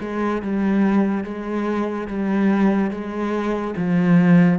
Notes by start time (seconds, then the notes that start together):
0.00 G#3
0.41 G3
1.24 G#3
2.07 G3
2.90 G#3
3.77 F3